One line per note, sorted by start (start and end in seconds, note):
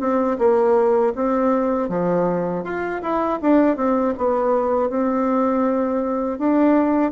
0.00 0.38 C4
0.39 1.14 A#3
1.15 1.89 C4
1.89 2.64 F3
2.64 3.02 F4
3.02 3.40 E4
3.42 3.77 D4
3.77 4.14 C4
4.18 4.90 B3
4.90 6.39 C4
6.39 7.12 D4